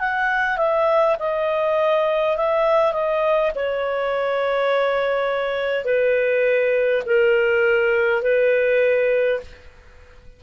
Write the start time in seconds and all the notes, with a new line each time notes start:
0.00 F#5
0.57 E5
1.19 D#5
2.37 E5
2.93 D#5
3.56 C#5
5.85 B4
7.06 A#4
8.22 B4